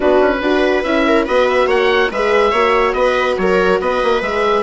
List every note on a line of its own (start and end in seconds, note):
0.00 0.20 B3
0.00 0.40 D4
0.00 0.38 F#4
0.00 0.83 B4
0.20 0.41 C#4
0.41 0.83 D4
0.41 0.84 F#4
0.41 1.07 B4
0.83 1.26 C#4
0.83 1.26 E4
0.83 1.25 E5
1.07 1.25 A#4
1.25 1.66 B3
1.25 2.11 F#4
1.25 1.66 B4
1.25 1.47 D#5
1.47 1.69 E5
1.66 2.08 A#3
1.66 2.09 C#5
1.66 2.12 F#5
2.11 2.52 G#3
2.11 2.54 G#4
2.11 2.51 B4
2.11 2.93 E5
2.51 2.93 A#3
2.51 4.23 F#4
2.51 2.93 C#5
2.93 3.36 B3
2.93 3.38 B4
2.93 3.35 D#5
3.37 3.79 F#3
3.37 3.81 A#4
3.37 3.79 C#5
3.81 4.02 B3
3.81 4.63 B4
3.81 4.22 D#5
4.03 4.21 A#3
4.21 4.63 G#3
4.21 4.63 G#4
4.21 4.63 E5